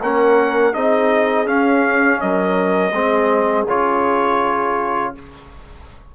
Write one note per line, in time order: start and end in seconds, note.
0.00 0.74 A#3
0.00 0.73 C#4
0.00 0.73 A#4
0.00 0.74 F#5
0.73 1.46 C4
0.73 1.46 D#4
0.73 2.20 G#4
0.73 1.47 D#5
1.46 2.92 C#4
1.46 2.20 C#4
1.46 2.20 F5
2.20 2.92 F#3
2.20 2.93 A#4
2.20 3.67 D#5
2.92 3.65 G#3
2.92 3.67 C4
2.92 5.13 G#4
3.67 5.13 C#3
3.67 5.15 F4
3.67 5.14 C#5